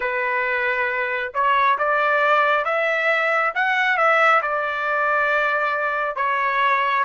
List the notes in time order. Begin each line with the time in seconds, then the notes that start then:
0.00 B4
1.34 C#5
1.78 D5
2.64 E5
3.55 F#5
3.97 E5
4.42 D5
6.16 C#5